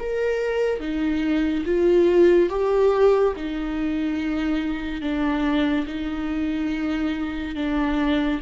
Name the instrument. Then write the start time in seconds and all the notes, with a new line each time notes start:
viola
0.00 A#4
0.80 D#4
1.66 F4
2.50 G4
3.36 D#4
5.02 D4
5.87 D#4
7.56 D4